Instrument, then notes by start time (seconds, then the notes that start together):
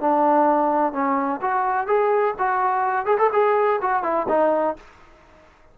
trombone
0.00 D4
0.92 C#4
1.41 F#4
1.87 G#4
2.39 F#4
3.05 G#4
3.18 A4
3.32 G#4
3.81 F#4
4.03 E4
4.28 D#4